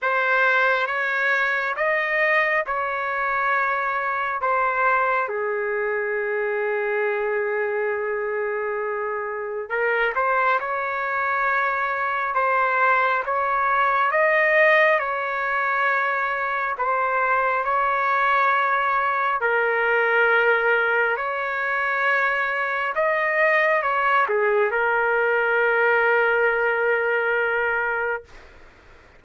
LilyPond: \new Staff \with { instrumentName = "trumpet" } { \time 4/4 \tempo 4 = 68 c''4 cis''4 dis''4 cis''4~ | cis''4 c''4 gis'2~ | gis'2. ais'8 c''8 | cis''2 c''4 cis''4 |
dis''4 cis''2 c''4 | cis''2 ais'2 | cis''2 dis''4 cis''8 gis'8 | ais'1 | }